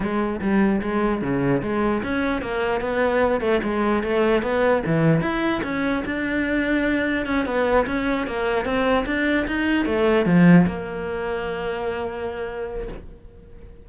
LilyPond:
\new Staff \with { instrumentName = "cello" } { \time 4/4 \tempo 4 = 149 gis4 g4 gis4 cis4 | gis4 cis'4 ais4 b4~ | b8 a8 gis4 a4 b4 | e4 e'4 cis'4 d'4~ |
d'2 cis'8 b4 cis'8~ | cis'8 ais4 c'4 d'4 dis'8~ | dis'8 a4 f4 ais4.~ | ais1 | }